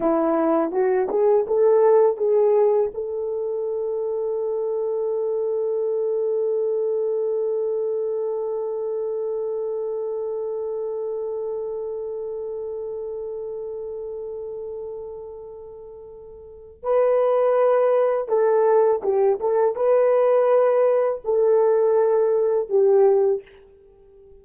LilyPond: \new Staff \with { instrumentName = "horn" } { \time 4/4 \tempo 4 = 82 e'4 fis'8 gis'8 a'4 gis'4 | a'1~ | a'1~ | a'1~ |
a'1~ | a'2. b'4~ | b'4 a'4 g'8 a'8 b'4~ | b'4 a'2 g'4 | }